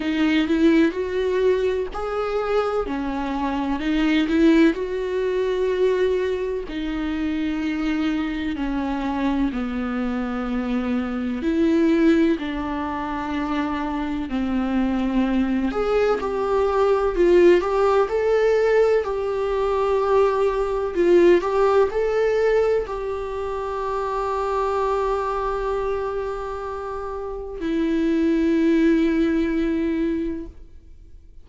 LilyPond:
\new Staff \with { instrumentName = "viola" } { \time 4/4 \tempo 4 = 63 dis'8 e'8 fis'4 gis'4 cis'4 | dis'8 e'8 fis'2 dis'4~ | dis'4 cis'4 b2 | e'4 d'2 c'4~ |
c'8 gis'8 g'4 f'8 g'8 a'4 | g'2 f'8 g'8 a'4 | g'1~ | g'4 e'2. | }